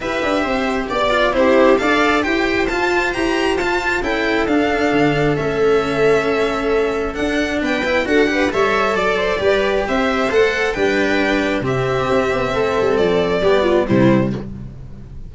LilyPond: <<
  \new Staff \with { instrumentName = "violin" } { \time 4/4 \tempo 4 = 134 e''2 d''4 c''4 | f''4 g''4 a''4 ais''4 | a''4 g''4 f''2 | e''1 |
fis''4 g''4 fis''4 e''4 | d''2 e''4 fis''4 | g''2 e''2~ | e''4 d''2 c''4 | }
  \new Staff \with { instrumentName = "viola" } { \time 4/4 b'4 c''4 d''4 g'4 | d''4 c''2.~ | c''4 a'2.~ | a'1~ |
a'4 b'4 a'8 b'8 cis''4 | d''8 c''8 b'4 c''2 | b'2 g'2 | a'2 g'8 f'8 e'4 | }
  \new Staff \with { instrumentName = "cello" } { \time 4/4 g'2~ g'8 f'8 e'4 | a'4 g'4 f'4 g'4 | f'4 e'4 d'2 | cis'1 |
d'4. e'8 fis'8 g'8 a'4~ | a'4 g'2 a'4 | d'2 c'2~ | c'2 b4 g4 | }
  \new Staff \with { instrumentName = "tuba" } { \time 4/4 e'8 d'8 c'4 b4 c'4 | d'4 e'4 f'4 e'4 | f'4 cis'4 d'4 d4 | a1 |
d'4 b4 d'4 g4 | fis4 g4 c'4 a4 | g2 c4 c'8 b8 | a8 g8 f4 g4 c4 | }
>>